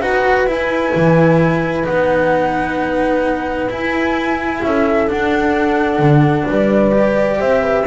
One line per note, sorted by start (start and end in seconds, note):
0.00 0.46 D#4
0.00 0.47 F#4
0.00 4.63 B4
0.00 0.48 F#5
0.46 0.92 E4
0.46 1.84 E4
0.46 1.84 G#5
0.95 1.87 E3
1.84 3.68 B3
1.84 3.68 D#4
1.84 3.69 F#5
3.68 4.61 E4
3.68 5.07 E4
3.68 4.62 G#5
4.62 5.10 C#4
4.62 6.47 A4
4.62 5.09 E5
5.07 6.91 D4
5.07 5.99 D4
5.07 6.48 F#5
5.99 6.45 D3
6.47 7.41 G3
6.47 7.38 B4
6.47 7.41 D5
6.91 7.84 G4
7.38 7.87 C4
7.38 7.61 C5
7.38 7.87 E5
7.62 7.85 B4